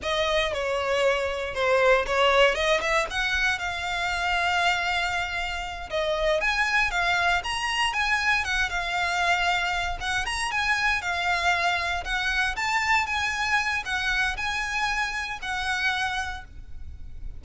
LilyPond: \new Staff \with { instrumentName = "violin" } { \time 4/4 \tempo 4 = 117 dis''4 cis''2 c''4 | cis''4 dis''8 e''8 fis''4 f''4~ | f''2.~ f''8 dis''8~ | dis''8 gis''4 f''4 ais''4 gis''8~ |
gis''8 fis''8 f''2~ f''8 fis''8 | ais''8 gis''4 f''2 fis''8~ | fis''8 a''4 gis''4. fis''4 | gis''2 fis''2 | }